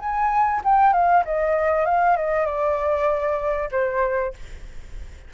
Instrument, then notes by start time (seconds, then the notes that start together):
flute
0.00 G#5
0.65 G5
0.93 F5
1.26 D#5
1.86 F5
2.17 D#5
2.46 D5
3.72 C5